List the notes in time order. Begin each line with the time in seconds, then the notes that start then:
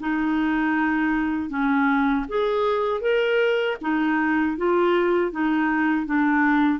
0.00 D#4
1.50 C#4
2.29 G#4
3.01 A#4
3.81 D#4
4.57 F4
5.32 D#4
6.06 D4